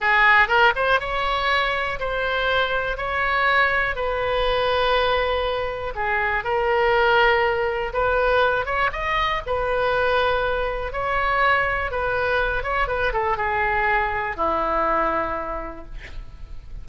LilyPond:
\new Staff \with { instrumentName = "oboe" } { \time 4/4 \tempo 4 = 121 gis'4 ais'8 c''8 cis''2 | c''2 cis''2 | b'1 | gis'4 ais'2. |
b'4. cis''8 dis''4 b'4~ | b'2 cis''2 | b'4. cis''8 b'8 a'8 gis'4~ | gis'4 e'2. | }